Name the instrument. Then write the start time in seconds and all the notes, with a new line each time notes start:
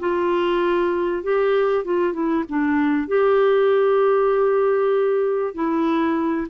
clarinet
0.00 F4
1.23 G4
1.85 F4
2.14 E4
2.49 D4
3.08 G4
5.55 E4